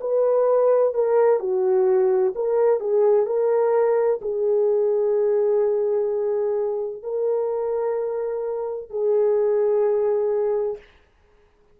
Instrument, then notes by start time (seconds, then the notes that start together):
horn
0.00 B4
0.94 A#4
1.39 F#4
2.35 A#4
2.80 G#4
3.26 A#4
4.21 G#4
7.03 A#4
8.90 G#4